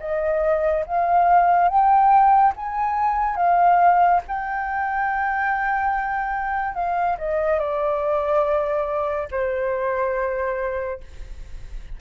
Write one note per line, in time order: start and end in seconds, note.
0.00 0.85 D#5
0.86 1.68 F5
1.68 2.53 G5
2.56 3.36 G#5
3.36 4.21 F5
4.28 6.75 G5
6.75 7.17 F5
7.18 7.59 D#5
7.59 9.28 D5
9.31 11.00 C5